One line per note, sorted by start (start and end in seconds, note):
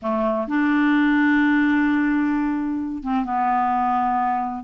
0.01 0.47 A3
0.47 3.03 D4
3.03 3.24 C4
3.24 4.64 B3